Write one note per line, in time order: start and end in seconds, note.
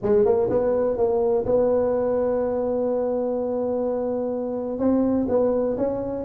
0.02 0.25 G#3
0.25 0.49 A#3
0.49 0.97 B3
0.97 1.45 A#3
1.45 4.78 B3
4.78 5.26 C4
5.28 5.76 B3
5.77 6.24 C#4